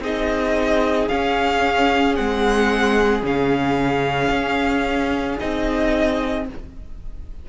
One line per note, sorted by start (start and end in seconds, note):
0.00 1.07 C4
0.00 1.09 D#4
0.00 6.45 G#4
0.00 1.09 D#5
1.09 2.15 C#4
1.09 2.19 C#4
1.09 2.15 F5
2.15 3.23 G#3
2.15 3.23 C4
2.15 3.23 F#5
3.23 4.30 C#3
3.23 5.38 C#4
3.23 5.40 F5
4.30 5.37 C#4
5.38 6.49 C4
5.38 6.46 D#4
5.38 6.47 D#5